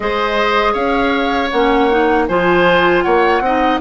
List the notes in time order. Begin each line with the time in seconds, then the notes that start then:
0.00 G#3 G#4 C5 D#5
0.73 C#4 C#5 F5
1.50 A#3 C#4 F#5
1.90 D#4
2.28 F3 F4 C5 G#5
3.02 A#3 C#5 F#5
3.40 C4 D#4 D#5